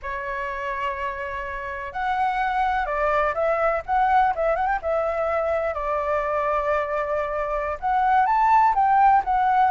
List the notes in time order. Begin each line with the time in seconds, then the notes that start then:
0.02 C#5
1.92 F#5
2.86 D5
3.34 E5
3.86 F#5
4.35 E5
4.55 F#5
4.66 G5
4.82 E5
5.73 D5
7.79 F#5
8.25 A5
8.74 G5
9.24 F#5